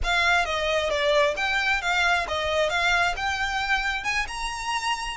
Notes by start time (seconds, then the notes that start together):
0.03 F5
0.45 D#5
0.89 D5
1.36 G5
1.81 F5
2.28 D#5
2.69 F5
3.16 G5
4.04 G#5
4.27 A#5